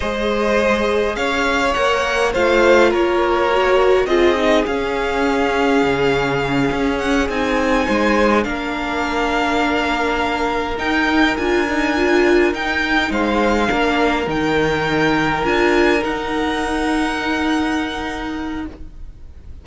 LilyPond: <<
  \new Staff \with { instrumentName = "violin" } { \time 4/4 \tempo 4 = 103 dis''2 f''4 fis''4 | f''4 cis''2 dis''4 | f''1 | fis''8 gis''2 f''4.~ |
f''2~ f''8 g''4 gis''8~ | gis''4. g''4 f''4.~ | f''8 g''2 gis''4 fis''8~ | fis''1 | }
  \new Staff \with { instrumentName = "violin" } { \time 4/4 c''2 cis''2 | c''4 ais'2 gis'4~ | gis'1~ | gis'4. c''4 ais'4.~ |
ais'1~ | ais'2~ ais'8 c''4 ais'8~ | ais'1~ | ais'1 | }
  \new Staff \with { instrumentName = "viola" } { \time 4/4 gis'2. ais'4 | f'2 fis'4 f'8 dis'8 | cis'1~ | cis'8 dis'2 d'4.~ |
d'2~ d'8 dis'4 f'8 | dis'8 f'4 dis'2 d'8~ | d'8 dis'2 f'4 dis'8~ | dis'1 | }
  \new Staff \with { instrumentName = "cello" } { \time 4/4 gis2 cis'4 ais4 | a4 ais2 c'4 | cis'2 cis4. cis'8~ | cis'8 c'4 gis4 ais4.~ |
ais2~ ais8 dis'4 d'8~ | d'4. dis'4 gis4 ais8~ | ais8 dis2 d'4 dis'8~ | dis'1 | }
>>